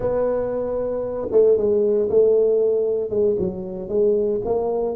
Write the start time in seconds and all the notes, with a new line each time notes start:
0.00 B3
1.31 A3
1.57 G#3
2.09 A3
3.10 G#3
3.39 F#3
3.88 G#3
4.44 A#3